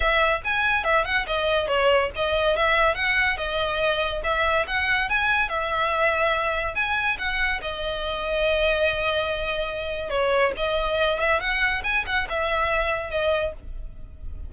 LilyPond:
\new Staff \with { instrumentName = "violin" } { \time 4/4 \tempo 4 = 142 e''4 gis''4 e''8 fis''8 dis''4 | cis''4 dis''4 e''4 fis''4 | dis''2 e''4 fis''4 | gis''4 e''2. |
gis''4 fis''4 dis''2~ | dis''1 | cis''4 dis''4. e''8 fis''4 | gis''8 fis''8 e''2 dis''4 | }